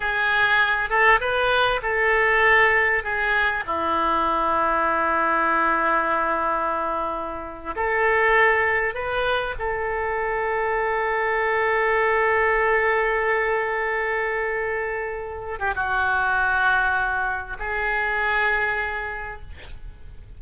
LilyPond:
\new Staff \with { instrumentName = "oboe" } { \time 4/4 \tempo 4 = 99 gis'4. a'8 b'4 a'4~ | a'4 gis'4 e'2~ | e'1~ | e'8. a'2 b'4 a'16~ |
a'1~ | a'1~ | a'4.~ a'16 g'16 fis'2~ | fis'4 gis'2. | }